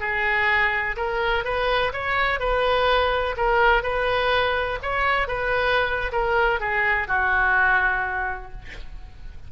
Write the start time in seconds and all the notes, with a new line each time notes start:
0.00 G#4
0.96 A#4
1.44 B4
1.92 C#5
2.40 B4
3.37 A#4
3.82 B4
4.82 C#5
5.27 B4
6.12 A#4
6.60 G#4
7.08 F#4